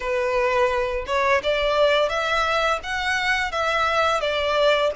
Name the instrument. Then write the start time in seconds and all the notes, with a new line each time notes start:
violin
0.00 B4
1.06 C#5
1.43 D5
2.09 E5
2.83 F#5
3.51 E5
4.20 D5